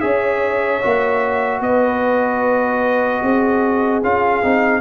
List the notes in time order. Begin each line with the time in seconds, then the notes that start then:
0.00 C#4 G#4 C#5 E5
0.82 A#3 F#4
1.61 B3 B4 D#5
3.22 C4 G#4
4.03 C#4 F4 F5
4.43 C4 D#4